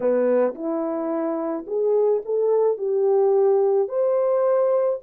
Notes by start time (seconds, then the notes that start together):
0.00 B3
0.54 E4
1.66 G#4
2.25 A4
2.77 G4
3.88 C5